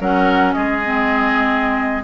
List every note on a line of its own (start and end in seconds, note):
0.00 0.55 F#3
0.00 0.83 C#4
0.00 0.55 A#4
0.00 0.53 F#5
0.53 2.03 G#3
0.53 2.03 G#4
0.53 2.03 D#5
0.85 2.03 C4